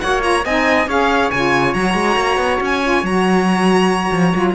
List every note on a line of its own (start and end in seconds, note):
0.00 0.45 A#3
0.00 0.20 F#4
0.00 0.44 C#5
0.00 0.22 F#5
0.20 0.42 F4
0.20 0.45 A#5
0.44 0.87 C4
0.44 0.89 D#4
0.44 0.87 D#5
0.44 0.88 G#5
0.87 1.30 C#4
0.87 1.32 G#4
0.87 4.54 C#5
0.87 1.31 F5
1.31 1.74 C#3
1.31 1.77 F4
1.31 1.74 G#5
1.74 1.94 F#3
1.74 2.82 F#4
1.74 2.60 A#5
1.94 2.15 G#3
2.16 2.37 A#3
2.37 2.59 B3
2.61 3.03 C#4
2.61 3.06 G#5
2.82 3.04 F4
3.03 4.11 F#3
3.03 4.33 F#4
3.03 4.55 A#5
4.12 4.33 F3
4.33 4.55 F#3
4.33 4.55 F4